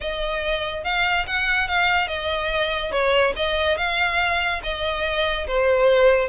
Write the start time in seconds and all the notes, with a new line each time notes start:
0.01 D#5
0.84 F5
1.27 F#5
1.68 F5
2.07 D#5
2.91 C#5
3.35 D#5
3.77 F5
4.63 D#5
5.47 C5